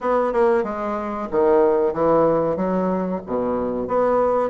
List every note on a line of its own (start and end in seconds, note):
0.01 0.32 B3
0.32 0.63 A#3
0.63 1.28 G#3
1.31 1.93 D#3
1.93 2.56 E3
2.56 3.21 F#3
3.26 3.87 B2
3.87 4.49 B3